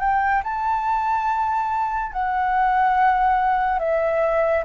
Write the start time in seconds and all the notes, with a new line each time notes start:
0.00 G5
0.43 A5
2.12 F#5
3.79 E5